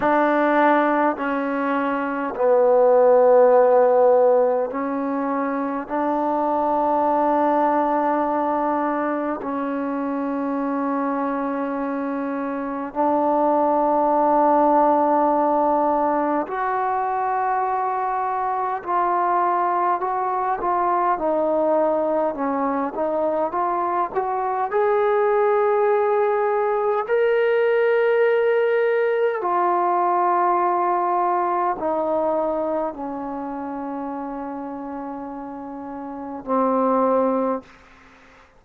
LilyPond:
\new Staff \with { instrumentName = "trombone" } { \time 4/4 \tempo 4 = 51 d'4 cis'4 b2 | cis'4 d'2. | cis'2. d'4~ | d'2 fis'2 |
f'4 fis'8 f'8 dis'4 cis'8 dis'8 | f'8 fis'8 gis'2 ais'4~ | ais'4 f'2 dis'4 | cis'2. c'4 | }